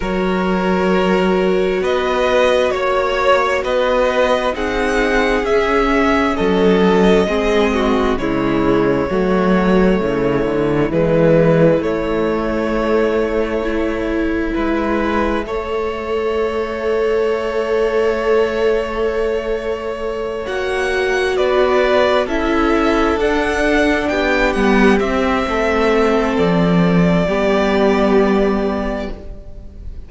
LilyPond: <<
  \new Staff \with { instrumentName = "violin" } { \time 4/4 \tempo 4 = 66 cis''2 dis''4 cis''4 | dis''4 fis''4 e''4 dis''4~ | dis''4 cis''2. | b'4 cis''2. |
e''1~ | e''2~ e''8 fis''4 d''8~ | d''8 e''4 fis''4 g''8 fis''8 e''8~ | e''4 d''2. | }
  \new Staff \with { instrumentName = "violin" } { \time 4/4 ais'2 b'4 cis''4 | b'4 gis'2 a'4 | gis'8 fis'8 e'4 fis'4 e'4~ | e'1 |
b'4 cis''2.~ | cis''2.~ cis''8 b'8~ | b'8 a'2 g'4. | a'2 g'2 | }
  \new Staff \with { instrumentName = "viola" } { \time 4/4 fis'1~ | fis'4 dis'4 cis'2 | c'4 gis4 a2 | gis4 a2 e'4~ |
e'4 a'2.~ | a'2~ a'8 fis'4.~ | fis'8 e'4 d'4. b8 c'8~ | c'2 b2 | }
  \new Staff \with { instrumentName = "cello" } { \time 4/4 fis2 b4 ais4 | b4 c'4 cis'4 fis4 | gis4 cis4 fis4 cis8 d8 | e4 a2. |
gis4 a2.~ | a2~ a8 ais4 b8~ | b8 cis'4 d'4 b8 g8 c'8 | a4 f4 g2 | }
>>